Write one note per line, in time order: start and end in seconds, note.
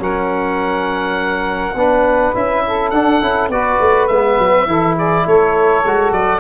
0.00 1.75 F#3
0.00 1.75 C#4
0.00 1.76 A#4
0.00 2.36 F#5
1.75 2.33 B3
1.75 2.35 D4
1.75 2.64 B4
2.35 2.92 C#4
2.35 2.93 E4
2.35 2.91 E5
2.67 3.52 A4
2.91 3.22 D4
2.91 3.49 F#5
3.22 3.49 C#4
3.22 3.51 E4
3.49 3.78 B3
3.49 4.11 F#4
3.49 4.68 B4
3.49 4.08 D5
3.81 4.10 A3
4.08 4.39 G#3
4.08 4.68 B3
4.08 4.95 E5
4.39 4.67 F#3
4.67 5.25 E3
4.67 5.84 E4
4.67 4.96 A4
4.96 5.25 G#4
4.96 5.28 D5
5.26 5.85 A3
5.26 6.41 A4
5.26 6.13 C#5
5.85 6.12 G#3
5.85 6.41 F#4
6.12 6.41 F#3
6.12 6.41 D5